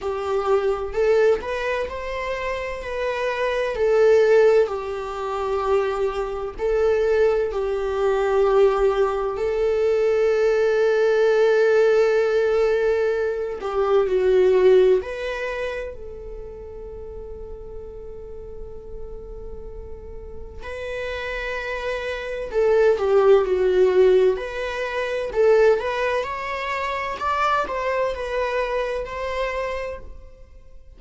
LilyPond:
\new Staff \with { instrumentName = "viola" } { \time 4/4 \tempo 4 = 64 g'4 a'8 b'8 c''4 b'4 | a'4 g'2 a'4 | g'2 a'2~ | a'2~ a'8 g'8 fis'4 |
b'4 a'2.~ | a'2 b'2 | a'8 g'8 fis'4 b'4 a'8 b'8 | cis''4 d''8 c''8 b'4 c''4 | }